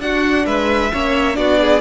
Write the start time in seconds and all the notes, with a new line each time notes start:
0.00 D4 F#4 F#5
0.46 G#3 B4 E5
0.92 A#3 C#4 C#5
1.35 B3 D4 F#4 D5
1.61 G#4